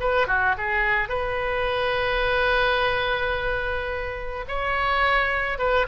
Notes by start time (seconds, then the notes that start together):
0.00 B4
0.27 F#4
0.58 G#4
1.09 B4
4.48 C#5
5.58 B4